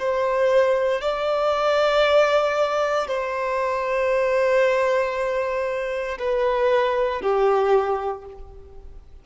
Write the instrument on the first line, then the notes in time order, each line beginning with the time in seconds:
violin
0.00 C5
1.02 D5
3.08 C5
6.19 B4
7.22 G4